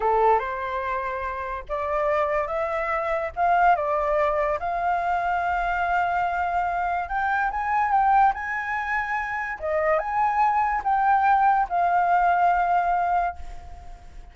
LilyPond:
\new Staff \with { instrumentName = "flute" } { \time 4/4 \tempo 4 = 144 a'4 c''2. | d''2 e''2 | f''4 d''2 f''4~ | f''1~ |
f''4 g''4 gis''4 g''4 | gis''2. dis''4 | gis''2 g''2 | f''1 | }